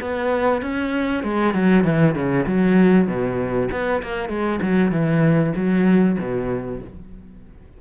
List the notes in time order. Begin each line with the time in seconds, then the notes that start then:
0.00 B3
0.62 C#4
1.23 G#3
1.54 F#3
1.84 E3
2.15 C#3
2.46 F#3
3.07 B2
3.71 B3
4.02 A#3
4.29 G#3
4.61 F#3
4.91 E3
5.56 F#3
6.19 B2